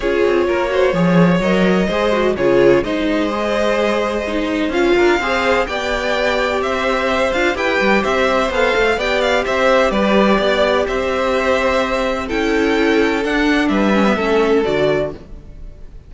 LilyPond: <<
  \new Staff \with { instrumentName = "violin" } { \time 4/4 \tempo 4 = 127 cis''2. dis''4~ | dis''4 cis''4 dis''2~ | dis''2 f''2 | g''2 e''4. f''8 |
g''4 e''4 f''4 g''8 f''8 | e''4 d''2 e''4~ | e''2 g''2 | fis''4 e''2 d''4 | }
  \new Staff \with { instrumentName = "violin" } { \time 4/4 gis'4 ais'8 c''8 cis''2 | c''4 gis'4 c''2~ | c''2~ c''8 ais'8 c''4 | d''2 c''2 |
b'4 c''2 d''4 | c''4 b'4 d''4 c''4~ | c''2 a'2~ | a'4 b'4 a'2 | }
  \new Staff \with { instrumentName = "viola" } { \time 4/4 f'4. fis'8 gis'4 ais'4 | gis'8 fis'8 f'4 dis'4 gis'4~ | gis'4 dis'4 f'4 gis'4 | g'2.~ g'8 f'8 |
g'2 a'4 g'4~ | g'1~ | g'2 e'2 | d'4. cis'16 b16 cis'4 fis'4 | }
  \new Staff \with { instrumentName = "cello" } { \time 4/4 cis'8 c'8 ais4 f4 fis4 | gis4 cis4 gis2~ | gis2 cis'8 d'8 c'4 | b2 c'4. d'8 |
e'8 g8 c'4 b8 a8 b4 | c'4 g4 b4 c'4~ | c'2 cis'2 | d'4 g4 a4 d4 | }
>>